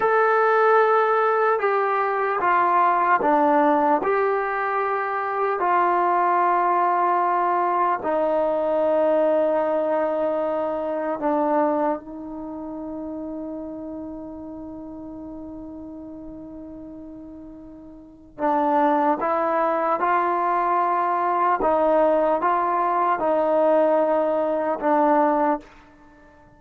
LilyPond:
\new Staff \with { instrumentName = "trombone" } { \time 4/4 \tempo 4 = 75 a'2 g'4 f'4 | d'4 g'2 f'4~ | f'2 dis'2~ | dis'2 d'4 dis'4~ |
dis'1~ | dis'2. d'4 | e'4 f'2 dis'4 | f'4 dis'2 d'4 | }